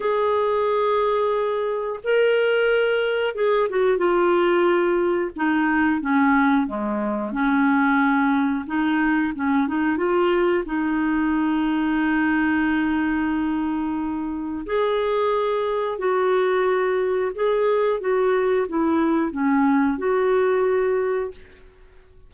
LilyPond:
\new Staff \with { instrumentName = "clarinet" } { \time 4/4 \tempo 4 = 90 gis'2. ais'4~ | ais'4 gis'8 fis'8 f'2 | dis'4 cis'4 gis4 cis'4~ | cis'4 dis'4 cis'8 dis'8 f'4 |
dis'1~ | dis'2 gis'2 | fis'2 gis'4 fis'4 | e'4 cis'4 fis'2 | }